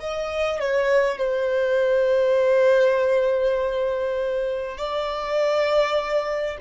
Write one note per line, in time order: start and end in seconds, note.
0.00 0.59 D#5
0.59 1.18 C#5
1.18 4.77 C5
4.77 6.57 D5